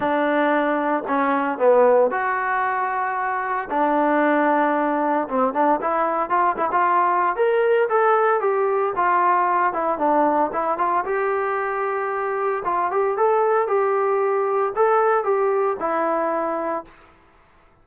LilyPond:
\new Staff \with { instrumentName = "trombone" } { \time 4/4 \tempo 4 = 114 d'2 cis'4 b4 | fis'2. d'4~ | d'2 c'8 d'8 e'4 | f'8 e'16 f'4~ f'16 ais'4 a'4 |
g'4 f'4. e'8 d'4 | e'8 f'8 g'2. | f'8 g'8 a'4 g'2 | a'4 g'4 e'2 | }